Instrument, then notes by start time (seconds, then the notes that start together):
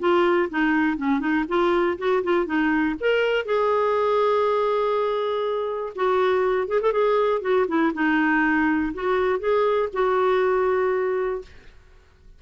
clarinet
0.00 F4
0.50 D#4
0.98 C#4
1.21 D#4
1.49 F4
1.99 F#4
2.24 F4
2.47 D#4
3.01 A#4
3.46 G#4
5.96 F#4
6.68 G#4
6.82 A4
6.93 G#4
7.42 F#4
7.68 E4
7.95 D#4
8.94 F#4
9.40 G#4
9.94 F#4